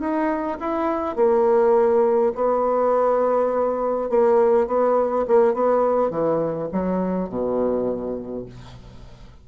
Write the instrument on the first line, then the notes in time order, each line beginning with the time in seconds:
bassoon
0.00 D#4
0.60 E4
1.17 A#3
2.36 B3
4.10 A#3
4.67 B3
5.28 A#3
5.54 B3
6.11 E3
6.73 F#3
7.29 B2